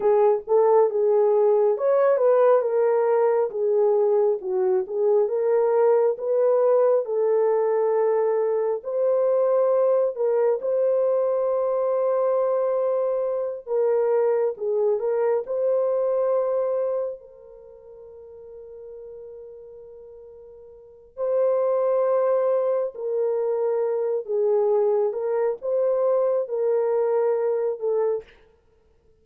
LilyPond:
\new Staff \with { instrumentName = "horn" } { \time 4/4 \tempo 4 = 68 gis'8 a'8 gis'4 cis''8 b'8 ais'4 | gis'4 fis'8 gis'8 ais'4 b'4 | a'2 c''4. ais'8 | c''2.~ c''8 ais'8~ |
ais'8 gis'8 ais'8 c''2 ais'8~ | ais'1 | c''2 ais'4. gis'8~ | gis'8 ais'8 c''4 ais'4. a'8 | }